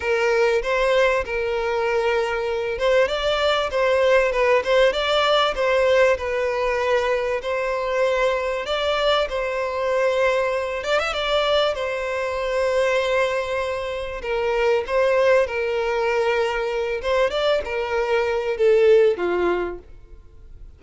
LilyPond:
\new Staff \with { instrumentName = "violin" } { \time 4/4 \tempo 4 = 97 ais'4 c''4 ais'2~ | ais'8 c''8 d''4 c''4 b'8 c''8 | d''4 c''4 b'2 | c''2 d''4 c''4~ |
c''4. d''16 e''16 d''4 c''4~ | c''2. ais'4 | c''4 ais'2~ ais'8 c''8 | d''8 ais'4. a'4 f'4 | }